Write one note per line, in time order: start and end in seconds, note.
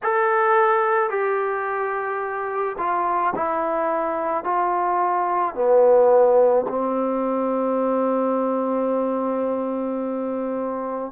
0.03 1.10 A4
1.10 2.76 G4
2.78 3.33 F4
3.35 4.43 E4
4.43 5.55 F4
5.55 6.66 B3
6.68 11.11 C4